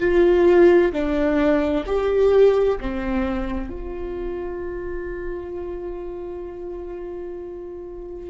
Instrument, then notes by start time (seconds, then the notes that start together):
viola
0.00 F4
0.92 D4
1.86 G4
2.80 C4
3.69 F4